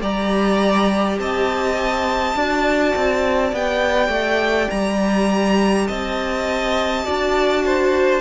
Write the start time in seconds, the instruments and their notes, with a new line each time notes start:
0.00 cello G3, viola G4, violin D5 A#5
1.19 cello C4, violin D#5 A5
2.35 cello D4, viola F#4, violin D5
2.96 cello C4
3.52 cello B3, viola G4, violin G5
4.09 cello A3
4.70 cello G3, violin A#5
5.87 cello C4, violin D#5 A5
7.05 cello D4, viola F#4, violin D5
7.66 violin C5